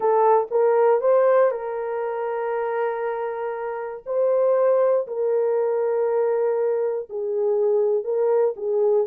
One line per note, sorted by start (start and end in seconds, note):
0.00 0.47 A4
0.50 1.00 A#4
1.00 1.51 C5
1.51 4.03 A#4
4.05 5.06 C5
5.07 7.08 A#4
7.09 8.04 G#4
8.04 8.54 A#4
8.56 9.07 G#4